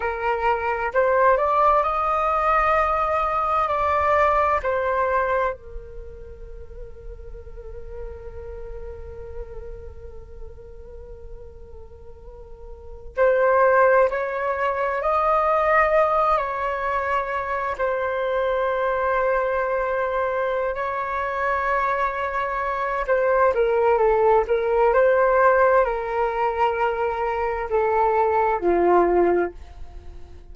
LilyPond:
\new Staff \with { instrumentName = "flute" } { \time 4/4 \tempo 4 = 65 ais'4 c''8 d''8 dis''2 | d''4 c''4 ais'2~ | ais'1~ | ais'2~ ais'16 c''4 cis''8.~ |
cis''16 dis''4. cis''4. c''8.~ | c''2~ c''8 cis''4.~ | cis''4 c''8 ais'8 a'8 ais'8 c''4 | ais'2 a'4 f'4 | }